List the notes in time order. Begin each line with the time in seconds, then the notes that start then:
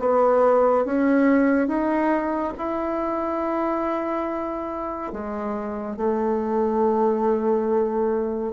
0.00 B3
0.86 C#4
1.68 D#4
2.58 E4
5.13 G#3
5.97 A3